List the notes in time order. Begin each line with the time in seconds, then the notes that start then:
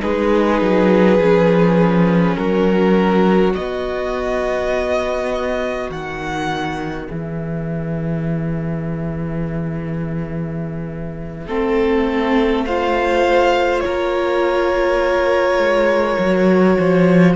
0.00 G#3 D#4 G#4 B4
0.61 F#3
1.19 F3 C#4
2.36 F#3 F#4 A#4
3.52 B3 D#5
5.90 D#3 F#5
7.08 E3 G#4 E5
11.47 A3 C4 A4
12.65 F4 C5 F5
13.80 A#4 C#5
13.87 A#3
15.58 G#3
16.18 F#3 F#4
16.78 F3 C5